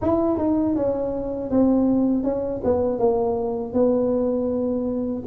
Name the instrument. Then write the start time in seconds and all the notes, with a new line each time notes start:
tuba
0.01 E4
0.38 D#4
0.75 C#4
1.50 C4
2.23 C#4
2.64 B3
2.98 A#3
3.73 B3